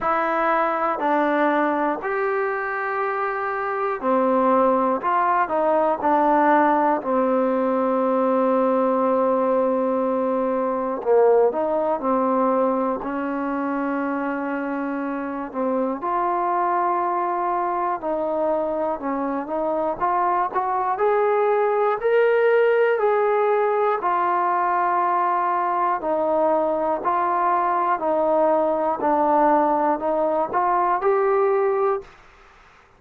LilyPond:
\new Staff \with { instrumentName = "trombone" } { \time 4/4 \tempo 4 = 60 e'4 d'4 g'2 | c'4 f'8 dis'8 d'4 c'4~ | c'2. ais8 dis'8 | c'4 cis'2~ cis'8 c'8 |
f'2 dis'4 cis'8 dis'8 | f'8 fis'8 gis'4 ais'4 gis'4 | f'2 dis'4 f'4 | dis'4 d'4 dis'8 f'8 g'4 | }